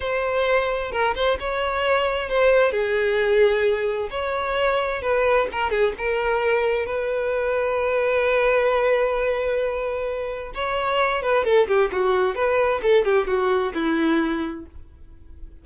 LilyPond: \new Staff \with { instrumentName = "violin" } { \time 4/4 \tempo 4 = 131 c''2 ais'8 c''8 cis''4~ | cis''4 c''4 gis'2~ | gis'4 cis''2 b'4 | ais'8 gis'8 ais'2 b'4~ |
b'1~ | b'2. cis''4~ | cis''8 b'8 a'8 g'8 fis'4 b'4 | a'8 g'8 fis'4 e'2 | }